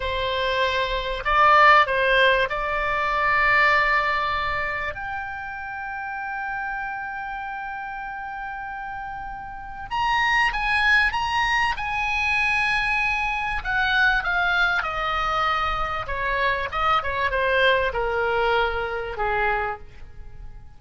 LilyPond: \new Staff \with { instrumentName = "oboe" } { \time 4/4 \tempo 4 = 97 c''2 d''4 c''4 | d''1 | g''1~ | g''1 |
ais''4 gis''4 ais''4 gis''4~ | gis''2 fis''4 f''4 | dis''2 cis''4 dis''8 cis''8 | c''4 ais'2 gis'4 | }